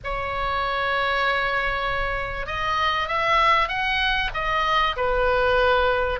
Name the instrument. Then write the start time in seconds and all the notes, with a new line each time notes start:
oboe
0.03 C#5
2.46 D#5
3.08 E5
3.68 F#5
4.34 D#5
4.96 B4